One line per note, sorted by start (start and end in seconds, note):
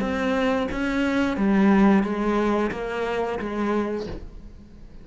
0.00 0.67 C4
0.71 1.37 C#4
1.37 2.03 G3
2.03 2.71 G#3
2.71 3.38 A#3
3.39 4.06 G#3